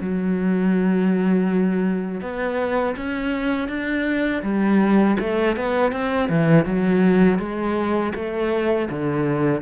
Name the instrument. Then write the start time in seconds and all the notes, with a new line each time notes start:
cello
0.00 F#3
2.21 B3
2.96 C#4
3.68 D4
4.43 G3
5.20 A3
5.56 B3
5.92 C4
6.29 E3
6.65 F#3
7.38 G#3
8.14 A3
8.90 D3